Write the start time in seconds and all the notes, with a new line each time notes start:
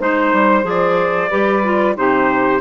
0.00 G#3 D#4 C5
0.33 G3
0.63 F3 G#4 D5
1.30 G3 G4 B4
1.64 F4
1.96 C3 D#4 G4 C5